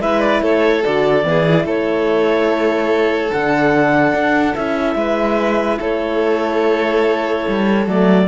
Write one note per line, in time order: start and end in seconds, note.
0.00 0.41 G#3
0.00 0.83 E4
0.00 0.43 B4
0.00 0.21 E5
0.21 0.42 D5
0.42 0.84 A3
0.42 1.26 A4
0.42 0.84 C#5
0.84 1.24 D3
0.84 1.25 F#4
0.84 1.67 D5
1.24 1.65 E3
1.24 1.45 B3
1.24 1.66 G#4
1.48 3.32 E4
1.65 3.31 A3
1.65 4.97 A4
1.65 3.33 C#5
3.32 4.14 D3
3.32 4.56 D4
3.32 4.55 F#5
4.14 4.55 D4
4.55 4.95 C#4
4.55 7.86 E4
4.55 5.79 E5
4.95 5.78 G#3
4.95 5.79 B4
5.79 7.47 A3
5.79 8.27 A4
5.79 7.89 C#5
7.48 7.87 G3
7.86 8.28 F#3
7.86 8.28 A3
7.86 8.28 D5